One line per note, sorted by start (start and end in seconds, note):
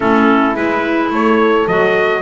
0.00 0.54 A3
0.00 0.55 C#4
0.00 1.11 E4
0.00 0.56 A4
0.54 1.10 G#3
0.54 1.66 E4
0.54 1.11 B4
1.10 1.65 A3
1.10 2.21 A4
1.10 1.67 C#5
1.66 2.21 F#3
1.66 2.21 F#4
1.66 2.21 D#5